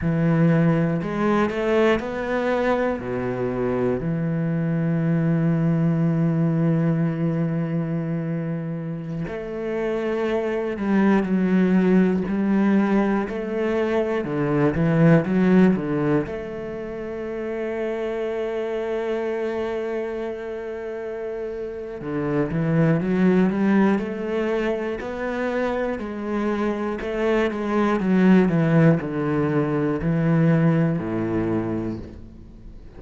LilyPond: \new Staff \with { instrumentName = "cello" } { \time 4/4 \tempo 4 = 60 e4 gis8 a8 b4 b,4 | e1~ | e4~ e16 a4. g8 fis8.~ | fis16 g4 a4 d8 e8 fis8 d16~ |
d16 a2.~ a8.~ | a2 d8 e8 fis8 g8 | a4 b4 gis4 a8 gis8 | fis8 e8 d4 e4 a,4 | }